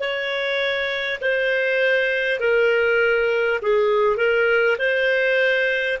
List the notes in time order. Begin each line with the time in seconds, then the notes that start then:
0.00 C#5
1.21 C5
2.39 A#4
3.62 G#4
4.17 A#4
4.78 C5